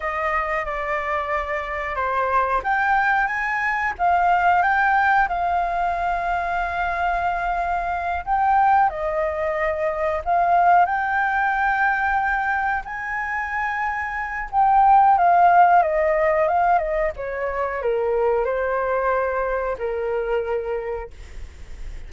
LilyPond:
\new Staff \with { instrumentName = "flute" } { \time 4/4 \tempo 4 = 91 dis''4 d''2 c''4 | g''4 gis''4 f''4 g''4 | f''1~ | f''8 g''4 dis''2 f''8~ |
f''8 g''2. gis''8~ | gis''2 g''4 f''4 | dis''4 f''8 dis''8 cis''4 ais'4 | c''2 ais'2 | }